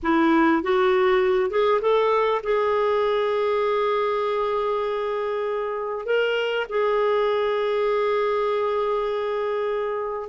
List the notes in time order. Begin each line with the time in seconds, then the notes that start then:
0.02 E4
0.62 F#4
1.50 G#4
1.81 A4
2.43 G#4
6.05 A#4
6.69 G#4